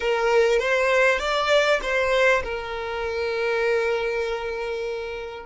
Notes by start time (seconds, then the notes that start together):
0.00 A#4
0.59 C5
1.19 D5
1.82 C5
2.43 A#4